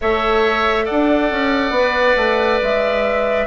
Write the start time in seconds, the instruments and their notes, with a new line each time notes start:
0.01 bassoon A3, clarinet A4, oboe C#5, flute E5
0.85 bassoon D4, oboe D5, flute F#5
1.31 bassoon C#4
1.70 bassoon B3, clarinet B4
2.16 bassoon A3
2.62 bassoon G#3, flute E5